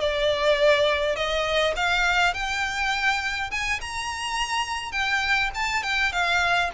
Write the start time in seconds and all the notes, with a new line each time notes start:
0.00 D5
1.16 D#5
1.76 F5
2.34 G5
3.51 G#5
3.81 A#5
4.92 G5
5.55 A5
5.83 G5
6.12 F5